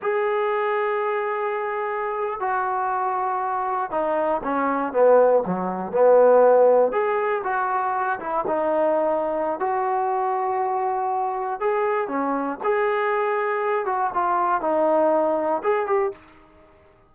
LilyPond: \new Staff \with { instrumentName = "trombone" } { \time 4/4 \tempo 4 = 119 gis'1~ | gis'8. fis'2. dis'16~ | dis'8. cis'4 b4 fis4 b16~ | b4.~ b16 gis'4 fis'4~ fis'16~ |
fis'16 e'8 dis'2~ dis'16 fis'4~ | fis'2. gis'4 | cis'4 gis'2~ gis'8 fis'8 | f'4 dis'2 gis'8 g'8 | }